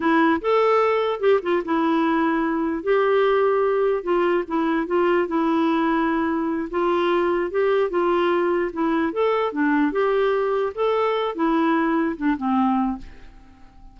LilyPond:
\new Staff \with { instrumentName = "clarinet" } { \time 4/4 \tempo 4 = 148 e'4 a'2 g'8 f'8 | e'2. g'4~ | g'2 f'4 e'4 | f'4 e'2.~ |
e'8 f'2 g'4 f'8~ | f'4. e'4 a'4 d'8~ | d'8 g'2 a'4. | e'2 d'8 c'4. | }